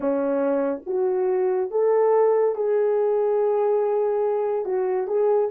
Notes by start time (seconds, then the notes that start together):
0.00 C#4
0.86 F#4
1.71 A4
2.55 G#4
4.65 F#4
5.07 G#4